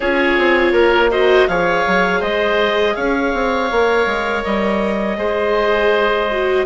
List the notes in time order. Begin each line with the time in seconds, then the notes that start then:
0.00 C#4 F4 G#4 C#5
0.37 C4
0.72 A#3 A#4
1.11 F#4 C5 D#5
1.48 F3 G#4 C#5 F5
1.87 F#3
2.19 G#3 C5 D#5
2.94 C#4 C#5 F5
3.33 C4
3.71 A#3 A#4
4.06 G#3
4.44 G3 D#5
5.17 G#3 G#4 C5
6.31 F#4